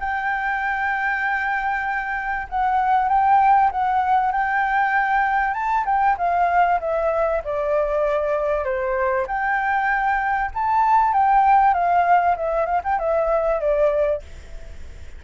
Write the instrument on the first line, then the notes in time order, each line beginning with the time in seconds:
flute
0.00 G5
2.49 F#5
3.09 G5
3.71 F#5
4.32 G5
5.54 A5
5.85 G5
6.18 F5
6.80 E5
7.44 D5
8.64 C5
9.27 G5
10.54 A5
11.13 G5
11.74 F5
12.37 E5
12.66 F5
12.84 G5
12.99 E5
13.60 D5